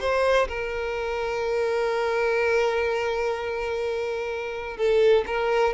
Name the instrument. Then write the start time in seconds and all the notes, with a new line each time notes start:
violin
0.00 C5
0.48 A#4
4.77 A4
5.26 A#4